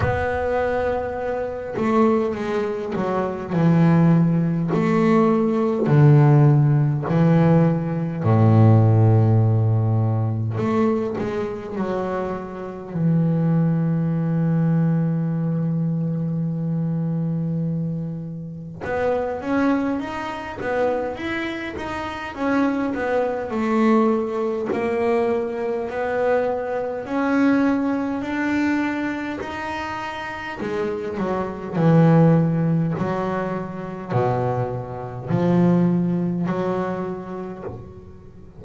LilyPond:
\new Staff \with { instrumentName = "double bass" } { \time 4/4 \tempo 4 = 51 b4. a8 gis8 fis8 e4 | a4 d4 e4 a,4~ | a,4 a8 gis8 fis4 e4~ | e1 |
b8 cis'8 dis'8 b8 e'8 dis'8 cis'8 b8 | a4 ais4 b4 cis'4 | d'4 dis'4 gis8 fis8 e4 | fis4 b,4 f4 fis4 | }